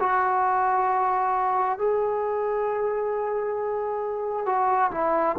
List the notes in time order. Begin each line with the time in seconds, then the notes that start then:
0.00 F#4
1.79 G#4
4.46 F#4
4.92 E4